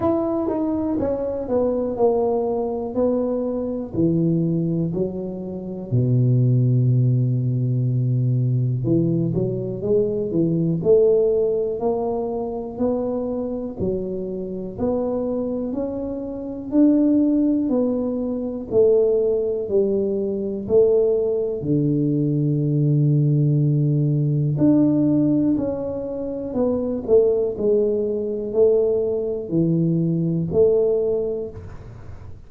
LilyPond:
\new Staff \with { instrumentName = "tuba" } { \time 4/4 \tempo 4 = 61 e'8 dis'8 cis'8 b8 ais4 b4 | e4 fis4 b,2~ | b,4 e8 fis8 gis8 e8 a4 | ais4 b4 fis4 b4 |
cis'4 d'4 b4 a4 | g4 a4 d2~ | d4 d'4 cis'4 b8 a8 | gis4 a4 e4 a4 | }